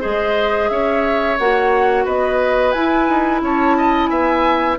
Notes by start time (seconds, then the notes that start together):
0.00 G#3 G#4 C5 D#5
0.69 C#4 C#5 E5
1.38 A#3 F#4 F#5
2.04 B3 B4 D#5
2.71 E4 G#5
3.08 D#4
3.41 C#4 C#5 A5
3.77 D#5
4.06 B3 E5 G#5